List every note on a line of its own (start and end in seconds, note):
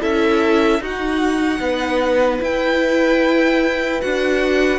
0.00 0.79 C#4
0.00 0.80 E4
0.00 0.81 A4
0.00 0.82 E5
0.79 1.59 D#4
0.79 2.40 D#4
0.79 1.61 F#4
0.79 2.43 F#5
1.60 2.40 B3
1.60 4.79 B4
2.40 4.00 E4
2.40 4.02 E4
2.40 4.01 G5
4.01 4.79 D4
4.01 4.79 F#4
4.01 4.79 F#5